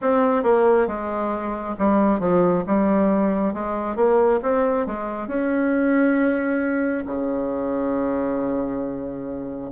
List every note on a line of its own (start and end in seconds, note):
0.01 0.43 C4
0.43 0.87 A#3
0.87 1.75 G#3
1.78 2.19 G3
2.19 2.64 F3
2.67 3.53 G3
3.53 3.95 G#3
3.95 4.40 A#3
4.42 4.86 C4
4.86 5.27 G#3
5.27 7.03 C#4
7.06 9.71 C#3